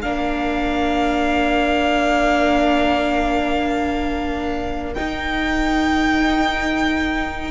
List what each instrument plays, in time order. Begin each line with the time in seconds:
0.00 cello A#3, viola D4, violin A#4 F5
4.93 viola D#4, cello D#4, violin G5